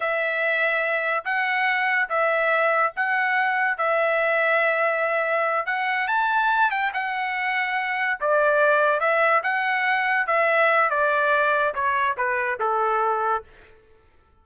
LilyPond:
\new Staff \with { instrumentName = "trumpet" } { \time 4/4 \tempo 4 = 143 e''2. fis''4~ | fis''4 e''2 fis''4~ | fis''4 e''2.~ | e''4. fis''4 a''4. |
g''8 fis''2. d''8~ | d''4. e''4 fis''4.~ | fis''8 e''4. d''2 | cis''4 b'4 a'2 | }